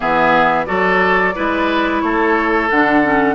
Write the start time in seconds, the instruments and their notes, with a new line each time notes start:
0.00 bassoon E3, clarinet B3, oboe G#4, flute E5
0.65 bassoon F#3, clarinet F#4, oboe A4, flute D5
1.35 bassoon G#3, clarinet E4, oboe B4
2.00 bassoon A3, oboe A4, flute C#5
2.69 bassoon D3, clarinet D4, flute F#5
3.03 clarinet C#4